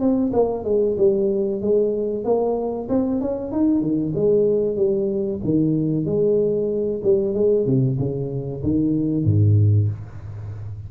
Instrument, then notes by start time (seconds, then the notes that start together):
tuba
0.00 C4
0.33 A#3
0.64 G#3
0.97 G3
1.61 G#3
2.24 A#3
2.89 C4
3.21 C#4
3.52 D#4
3.81 D#3
4.15 G#3
4.76 G3
5.44 D#3
6.06 G#3
7.03 G3
7.34 G#3
7.66 C3
7.99 C#3
8.63 D#3
9.25 G#2